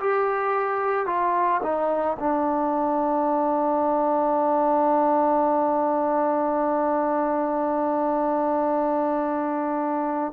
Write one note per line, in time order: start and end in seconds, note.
0.00 1.06 G4
1.06 1.61 F4
1.63 2.17 D#4
2.20 10.33 D4